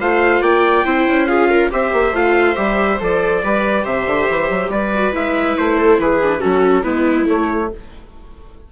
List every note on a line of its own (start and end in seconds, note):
0.00 0.41 A3
0.00 0.85 F4
0.00 0.42 C5
0.00 0.42 F5
0.41 0.84 A#3
0.41 0.84 D5
0.41 1.26 G5
0.85 1.07 C4
0.85 1.28 E4
0.85 1.28 C5
1.07 1.71 C#4
1.26 1.70 F4
1.26 1.49 G#4
1.26 1.69 F5
1.49 1.71 A#4
1.70 1.92 C4
1.70 2.13 G4
1.70 3.43 C5
1.70 2.15 E5
1.92 2.12 A#3
2.12 2.55 A3
2.12 2.55 F4
2.12 2.56 F5
2.55 3.00 G3
2.55 2.98 G4
2.55 2.98 E5
3.00 3.43 F3
3.00 3.42 A4
3.00 3.85 D5
3.42 3.85 G3
3.42 4.92 G4
3.42 3.84 B4
3.84 4.06 C3
3.84 4.70 C5
3.84 4.71 E5
4.06 4.28 D3
4.29 4.50 E3
4.50 4.69 F#3
4.69 5.12 G3
4.69 5.77 B4
4.69 5.14 D5
4.94 5.12 F#4
5.12 5.57 G#3
5.12 6.19 E4
5.12 5.57 E5
5.57 5.98 A3
5.57 6.00 C5
5.77 5.99 A4
5.98 6.41 E3
5.98 6.40 G#4
5.98 6.41 B4
6.23 6.39 D4
6.39 6.84 F#3
6.39 6.82 C#4
6.39 6.83 F#4
6.39 6.83 A4
6.83 7.27 G#3
6.83 7.25 B3
6.83 7.69 E4
6.83 7.26 B4
7.25 7.68 A3
7.25 7.72 A3
7.25 7.72 C#5